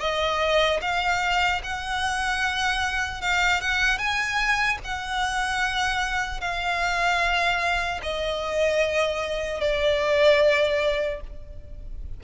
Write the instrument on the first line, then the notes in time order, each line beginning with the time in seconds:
violin
0.00 D#5
0.81 F5
1.64 F#5
3.21 F5
3.61 F#5
3.99 G#5
4.84 F#5
6.40 F5
8.03 D#5
9.60 D5